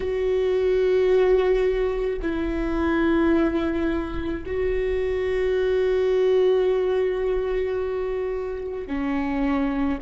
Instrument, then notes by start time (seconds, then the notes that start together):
viola
0.00 F#4
2.22 E4
4.45 F#4
8.87 C#4